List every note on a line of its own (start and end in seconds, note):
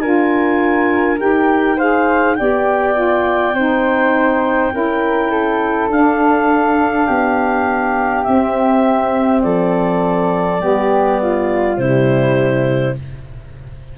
0.00 1.20 D4
0.00 1.17 F4
0.00 1.76 A#4
0.00 1.18 G#5
1.17 2.39 D#4
1.17 1.76 G4
1.17 1.79 G5
1.76 2.37 G#4
1.76 2.35 C5
1.76 2.35 F5
2.35 3.53 B3
2.35 2.94 G4
2.35 3.55 D5
2.35 5.88 G5
2.94 3.53 F4
3.53 4.71 C4
3.53 4.72 D#4
3.53 4.72 C5
4.72 5.89 C#4
4.72 5.90 E4
4.72 5.31 A#4
5.31 7.07 A4
5.89 7.06 D4
5.89 8.25 D4
5.89 8.24 F5
7.07 8.26 B3
7.07 9.42 G4
8.24 10.59 C4
8.24 9.43 C4
8.24 9.41 E5
9.42 10.60 F3
9.42 10.61 A4
9.42 11.77 D5
10.59 11.77 G3
10.59 11.76 B3
10.59 11.20 G4
11.22 11.80 F4
11.77 12.95 C3
11.77 12.95 G3
11.77 12.98 E4
11.77 12.95 C5